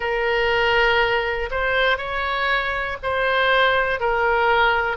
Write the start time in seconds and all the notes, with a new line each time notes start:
0.00 A#4
1.50 C5
1.97 C#5
3.02 C5
4.00 A#4